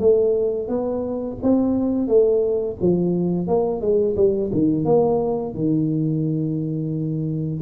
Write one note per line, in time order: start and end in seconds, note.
0.00 0.68 A3
0.68 1.37 B3
1.43 2.08 C4
2.08 2.76 A3
2.81 3.48 F3
3.48 3.81 A#3
3.81 4.15 G#3
4.16 4.50 G3
4.53 4.85 D#3
4.85 5.54 A#3
5.54 7.61 D#3